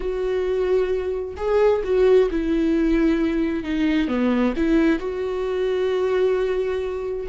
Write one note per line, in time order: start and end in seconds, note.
0.00 1.35 F#4
1.36 1.82 G#4
1.83 2.29 F#4
2.31 3.63 E4
3.63 4.08 D#4
4.08 4.53 B3
4.56 4.99 E4
4.99 7.26 F#4